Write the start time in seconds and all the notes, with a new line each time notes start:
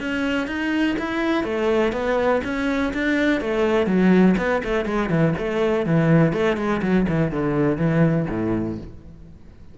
0.00 C#4
0.47 D#4
0.99 E4
1.44 A3
1.92 B3
2.44 C#4
2.94 D4
3.41 A3
3.86 F#3
4.37 B3
4.64 A3
4.85 G#3
5.10 E3
5.38 A3
5.86 E3
6.33 A3
6.57 G#3
6.82 F#3
7.08 E3
7.31 D3
7.77 E3
8.29 A2